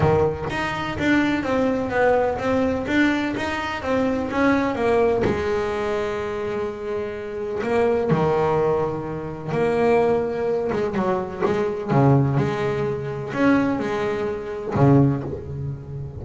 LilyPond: \new Staff \with { instrumentName = "double bass" } { \time 4/4 \tempo 4 = 126 dis4 dis'4 d'4 c'4 | b4 c'4 d'4 dis'4 | c'4 cis'4 ais4 gis4~ | gis1 |
ais4 dis2. | ais2~ ais8 gis8 fis4 | gis4 cis4 gis2 | cis'4 gis2 cis4 | }